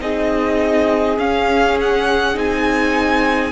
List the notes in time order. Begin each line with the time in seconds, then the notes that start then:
0.00 C4 D#4 G#4 D#5
1.18 C#4 F5
1.80 F#5
2.34 C4 D#4 G#5